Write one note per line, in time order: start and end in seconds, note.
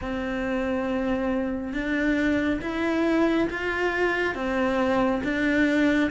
0.01 1.73 C4
1.73 2.60 D4
2.61 3.48 E4
3.50 4.34 F4
4.34 5.21 C4
5.23 6.10 D4